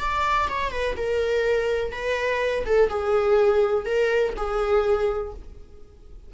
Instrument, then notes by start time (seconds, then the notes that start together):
viola
0.00 D5
0.50 C#5
0.71 B4
0.97 A#4
1.92 B4
2.66 A4
2.90 G#4
3.86 A#4
4.37 G#4